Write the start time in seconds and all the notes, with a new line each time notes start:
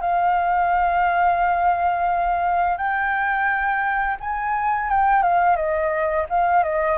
0.00 F5
2.77 G5
4.20 G#5
4.89 G5
5.22 F5
5.56 D#5
6.29 F5
6.63 D#5